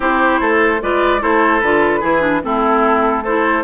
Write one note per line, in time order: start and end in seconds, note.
0.00 0.39 C4
0.00 0.80 E4
0.00 0.40 G4
0.00 0.82 C5
0.40 0.81 A3
0.40 0.80 A4
0.81 1.22 G#3
0.81 1.20 F4
0.81 1.21 B4
0.81 1.22 D5
1.20 1.62 A3
1.20 1.61 E4
1.20 2.00 A4
1.20 1.60 C5
1.60 2.02 D3
1.60 2.01 F4
1.60 2.41 B4
2.00 2.43 E3
2.00 2.21 E4
2.00 2.41 G#4
2.21 2.41 D4
2.42 3.63 A3
2.42 3.23 C4
2.42 3.23 E4
2.42 3.24 A4
3.23 3.63 E4
3.23 3.63 A4
3.23 3.63 C5